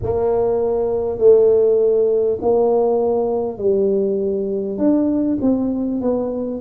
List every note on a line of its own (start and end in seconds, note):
0.03 1.18 A#3
1.18 2.38 A3
2.41 3.58 A#3
3.58 4.78 G3
4.78 5.38 D4
5.41 6.01 C4
6.01 6.61 B3